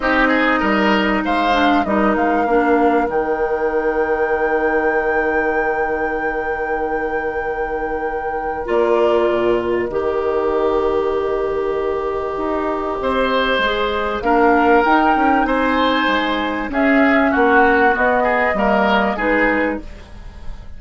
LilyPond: <<
  \new Staff \with { instrumentName = "flute" } { \time 4/4 \tempo 4 = 97 dis''2 f''4 dis''8 f''8~ | f''4 g''2.~ | g''1~ | g''2 d''4. dis''8~ |
dis''1~ | dis''2. f''4 | g''4 gis''2 e''4 | fis''4 dis''2 b'4 | }
  \new Staff \with { instrumentName = "oboe" } { \time 4/4 g'8 gis'8 ais'4 c''4 ais'4~ | ais'1~ | ais'1~ | ais'1~ |
ais'1~ | ais'4 c''2 ais'4~ | ais'4 c''2 gis'4 | fis'4. gis'8 ais'4 gis'4 | }
  \new Staff \with { instrumentName = "clarinet" } { \time 4/4 dis'2~ dis'8 d'8 dis'4 | d'4 dis'2.~ | dis'1~ | dis'2 f'2 |
g'1~ | g'2 gis'4 d'4 | dis'2. cis'4~ | cis'4 b4 ais4 dis'4 | }
  \new Staff \with { instrumentName = "bassoon" } { \time 4/4 c'4 g4 gis4 g8 gis8 | ais4 dis2.~ | dis1~ | dis2 ais4 ais,4 |
dis1 | dis'4 c'4 gis4 ais4 | dis'8 cis'8 c'4 gis4 cis'4 | ais4 b4 g4 gis4 | }
>>